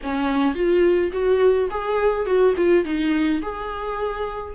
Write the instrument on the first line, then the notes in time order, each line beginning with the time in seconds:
viola
0.02 C#4
0.54 F4
1.12 F#4
1.70 G#4
2.25 F#4
2.56 F4
2.85 D#4
3.41 G#4